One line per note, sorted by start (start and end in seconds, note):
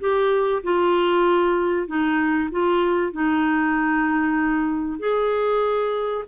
0.00 0.62 G4
0.63 1.88 F4
1.88 2.50 D#4
2.51 3.12 F4
3.12 4.99 D#4
4.99 6.24 G#4